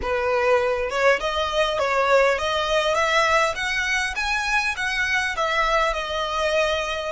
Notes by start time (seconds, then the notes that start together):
0.01 B4
0.89 C#5
1.20 D#5
1.78 C#5
2.38 D#5
2.95 E5
3.55 F#5
4.15 G#5
4.76 F#5
5.36 E5
5.93 D#5